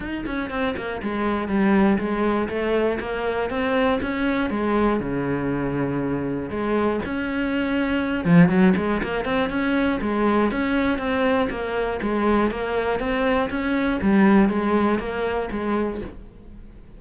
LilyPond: \new Staff \with { instrumentName = "cello" } { \time 4/4 \tempo 4 = 120 dis'8 cis'8 c'8 ais8 gis4 g4 | gis4 a4 ais4 c'4 | cis'4 gis4 cis2~ | cis4 gis4 cis'2~ |
cis'8 f8 fis8 gis8 ais8 c'8 cis'4 | gis4 cis'4 c'4 ais4 | gis4 ais4 c'4 cis'4 | g4 gis4 ais4 gis4 | }